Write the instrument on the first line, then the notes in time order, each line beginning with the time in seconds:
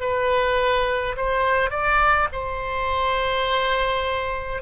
oboe
0.00 B4
1.16 C5
1.70 D5
2.32 C5